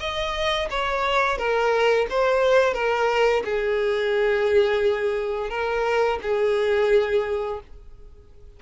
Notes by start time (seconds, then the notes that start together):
0.00 D#5
0.71 C#5
1.38 A#4
2.10 C5
2.74 A#4
3.45 G#4
5.50 A#4
6.22 G#4